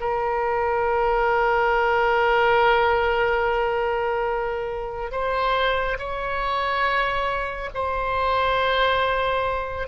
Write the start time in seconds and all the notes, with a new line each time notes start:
0.00 A#4
5.11 C5
5.98 C#5
7.74 C5